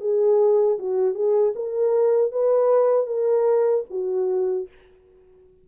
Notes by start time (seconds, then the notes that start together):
0.00 G#4
0.78 F#4
1.14 G#4
1.55 A#4
2.32 B4
3.06 A#4
3.90 F#4